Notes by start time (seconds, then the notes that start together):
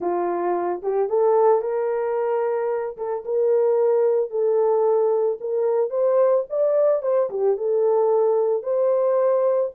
0.00 F4
0.82 G4
1.09 A4
1.61 A#4
2.97 A4
3.24 A#4
4.30 A4
5.40 A#4
5.90 C5
6.49 D5
7.02 C5
7.30 G4
7.57 A4
8.62 C5